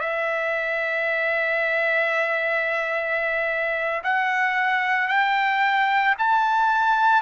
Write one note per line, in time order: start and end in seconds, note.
0.00 4.02 E5
4.03 5.07 F#5
5.07 6.15 G5
6.18 7.21 A5